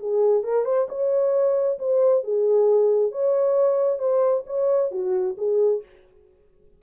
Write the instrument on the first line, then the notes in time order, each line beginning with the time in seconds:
horn
0.00 G#4
0.44 A#4
0.65 C5
0.89 C#5
1.79 C5
2.24 G#4
3.12 C#5
3.99 C5
4.47 C#5
4.91 F#4
5.38 G#4